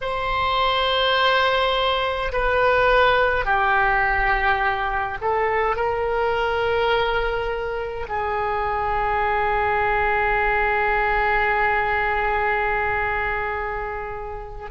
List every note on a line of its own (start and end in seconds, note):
0.01 2.31 C5
2.32 3.45 B4
3.45 5.18 G4
5.21 5.75 A4
5.75 8.06 A#4
8.08 14.70 G#4